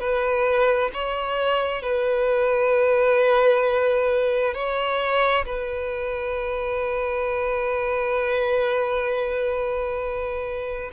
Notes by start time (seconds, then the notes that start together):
0.00 B4
0.93 C#5
1.82 B4
4.55 C#5
5.46 B4